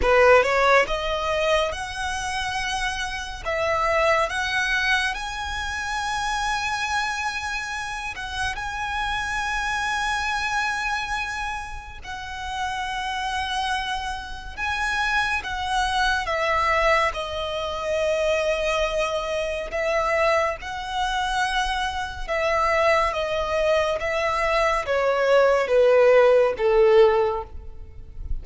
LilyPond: \new Staff \with { instrumentName = "violin" } { \time 4/4 \tempo 4 = 70 b'8 cis''8 dis''4 fis''2 | e''4 fis''4 gis''2~ | gis''4. fis''8 gis''2~ | gis''2 fis''2~ |
fis''4 gis''4 fis''4 e''4 | dis''2. e''4 | fis''2 e''4 dis''4 | e''4 cis''4 b'4 a'4 | }